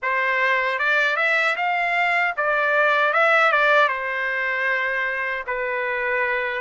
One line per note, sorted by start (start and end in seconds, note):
0.02 0.79 C5
0.79 1.16 D5
1.16 1.55 E5
1.56 2.34 F5
2.36 3.13 D5
3.13 3.52 E5
3.52 3.88 D5
3.88 5.44 C5
5.46 6.61 B4